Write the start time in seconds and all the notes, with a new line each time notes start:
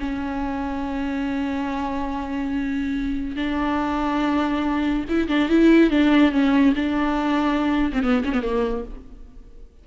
0.00 C#4
3.36 D4
5.09 E4
5.29 D4
5.50 E4
5.91 D4
6.32 C#4
6.76 D4
7.93 C4
8.03 B3
8.25 C#4
8.33 B3
8.43 A#3